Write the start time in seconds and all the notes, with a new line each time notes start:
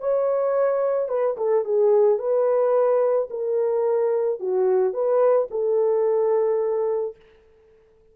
0.00 C#5
1.09 B4
1.37 A4
1.65 G#4
2.18 B4
3.30 A#4
4.40 F#4
4.93 B4
5.51 A4